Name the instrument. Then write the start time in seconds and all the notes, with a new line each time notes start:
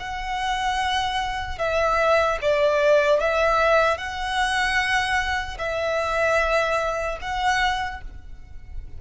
violin
0.00 F#5
1.59 E5
2.42 D5
3.21 E5
3.98 F#5
5.59 E5
7.22 F#5